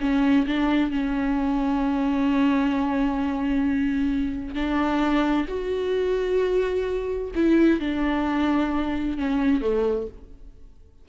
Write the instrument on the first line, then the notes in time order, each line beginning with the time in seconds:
viola
0.00 C#4
0.46 D4
0.91 C#4
4.54 D4
5.48 F#4
7.35 E4
7.80 D4
9.17 C#4
9.61 A3